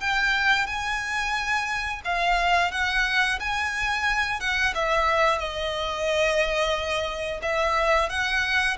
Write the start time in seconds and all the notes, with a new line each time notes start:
0.00 G5
0.66 G#5
2.04 F5
2.71 F#5
3.39 G#5
4.40 F#5
4.74 E5
5.38 D#5
7.42 E5
8.09 F#5